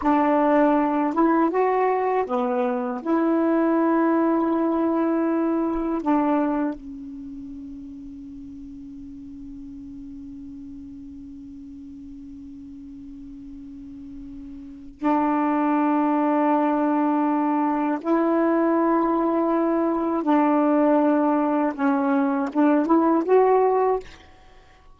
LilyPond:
\new Staff \with { instrumentName = "saxophone" } { \time 4/4 \tempo 4 = 80 d'4. e'8 fis'4 b4 | e'1 | d'4 cis'2.~ | cis'1~ |
cis'1 | d'1 | e'2. d'4~ | d'4 cis'4 d'8 e'8 fis'4 | }